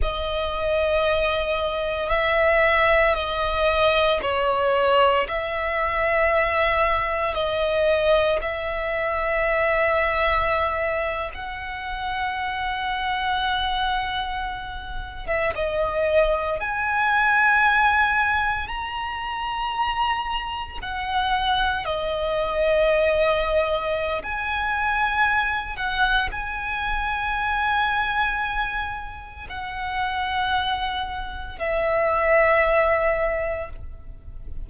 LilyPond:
\new Staff \with { instrumentName = "violin" } { \time 4/4 \tempo 4 = 57 dis''2 e''4 dis''4 | cis''4 e''2 dis''4 | e''2~ e''8. fis''4~ fis''16~ | fis''2~ fis''8 e''16 dis''4 gis''16~ |
gis''4.~ gis''16 ais''2 fis''16~ | fis''8. dis''2~ dis''16 gis''4~ | gis''8 fis''8 gis''2. | fis''2 e''2 | }